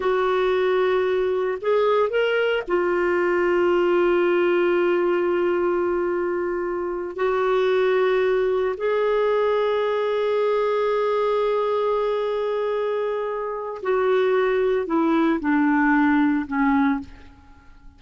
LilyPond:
\new Staff \with { instrumentName = "clarinet" } { \time 4/4 \tempo 4 = 113 fis'2. gis'4 | ais'4 f'2.~ | f'1~ | f'4. fis'2~ fis'8~ |
fis'8 gis'2.~ gis'8~ | gis'1~ | gis'2 fis'2 | e'4 d'2 cis'4 | }